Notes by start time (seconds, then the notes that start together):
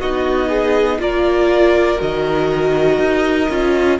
0.00 B3 D#4 F#4 D#5
0.49 G#4
0.99 A#3 F4 A#4 D5
1.97 D#3 F#4 D#5
2.99 D#4
3.50 C#4 F4